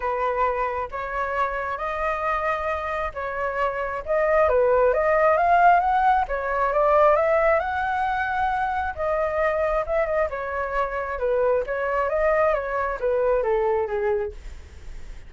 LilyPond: \new Staff \with { instrumentName = "flute" } { \time 4/4 \tempo 4 = 134 b'2 cis''2 | dis''2. cis''4~ | cis''4 dis''4 b'4 dis''4 | f''4 fis''4 cis''4 d''4 |
e''4 fis''2. | dis''2 e''8 dis''8 cis''4~ | cis''4 b'4 cis''4 dis''4 | cis''4 b'4 a'4 gis'4 | }